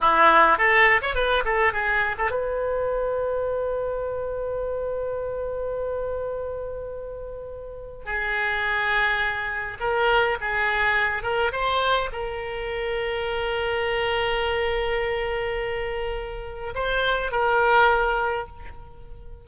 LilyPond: \new Staff \with { instrumentName = "oboe" } { \time 4/4 \tempo 4 = 104 e'4 a'8. cis''16 b'8 a'8 gis'8. a'16 | b'1~ | b'1~ | b'2 gis'2~ |
gis'4 ais'4 gis'4. ais'8 | c''4 ais'2.~ | ais'1~ | ais'4 c''4 ais'2 | }